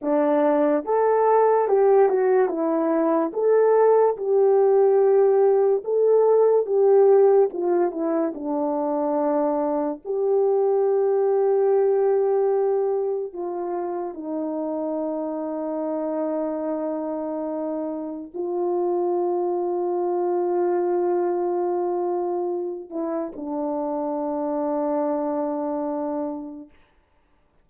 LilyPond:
\new Staff \with { instrumentName = "horn" } { \time 4/4 \tempo 4 = 72 d'4 a'4 g'8 fis'8 e'4 | a'4 g'2 a'4 | g'4 f'8 e'8 d'2 | g'1 |
f'4 dis'2.~ | dis'2 f'2~ | f'2.~ f'8 e'8 | d'1 | }